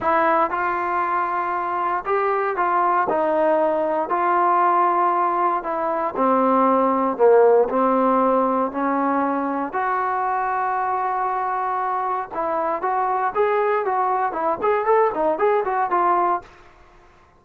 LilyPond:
\new Staff \with { instrumentName = "trombone" } { \time 4/4 \tempo 4 = 117 e'4 f'2. | g'4 f'4 dis'2 | f'2. e'4 | c'2 ais4 c'4~ |
c'4 cis'2 fis'4~ | fis'1 | e'4 fis'4 gis'4 fis'4 | e'8 gis'8 a'8 dis'8 gis'8 fis'8 f'4 | }